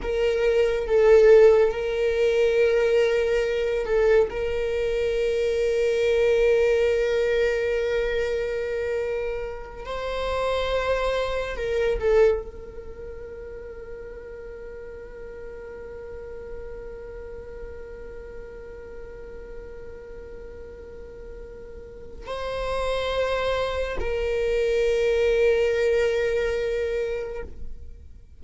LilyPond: \new Staff \with { instrumentName = "viola" } { \time 4/4 \tempo 4 = 70 ais'4 a'4 ais'2~ | ais'8 a'8 ais'2.~ | ais'2.~ ais'8 c''8~ | c''4. ais'8 a'8 ais'4.~ |
ais'1~ | ais'1~ | ais'2 c''2 | ais'1 | }